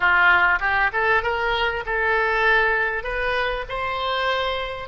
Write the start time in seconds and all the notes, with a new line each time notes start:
0.00 F4
0.60 G4
0.92 A4
1.22 A#4
1.86 A4
3.03 B4
3.68 C5